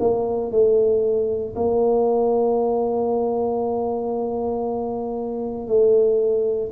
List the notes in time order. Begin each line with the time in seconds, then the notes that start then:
0.00 A#3
0.51 A3
1.56 A#3
5.68 A3